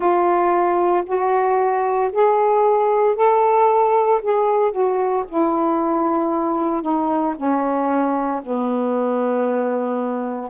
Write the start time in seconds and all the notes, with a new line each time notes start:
0.00 F4
1.06 F#4
2.12 G#4
3.15 A4
4.22 G#4
4.71 F#4
5.28 E4
6.82 D#4
7.36 C#4
8.43 B3